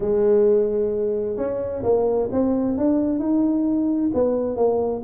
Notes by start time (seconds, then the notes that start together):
0.00 G#3
1.36 C#4
1.83 A#3
2.31 C4
2.77 D4
3.19 D#4
4.14 B3
4.56 A#3